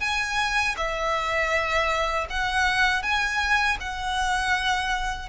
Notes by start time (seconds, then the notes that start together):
0.00 G#5
0.77 E5
2.29 F#5
3.02 G#5
3.80 F#5